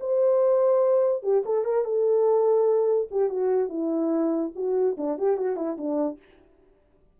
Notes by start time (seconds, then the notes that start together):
0.00 C5
1.22 G4
1.45 A4
1.64 A#4
1.84 A4
3.11 G4
3.29 F#4
3.68 E4
4.55 F#4
4.97 D4
5.18 G4
5.36 F#4
5.56 E4
5.77 D4